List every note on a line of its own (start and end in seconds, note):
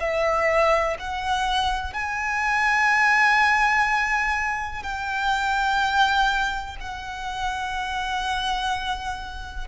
0.00 0.97 E5
0.99 1.94 F#5
1.94 4.83 G#5
4.83 6.77 G5
6.80 9.68 F#5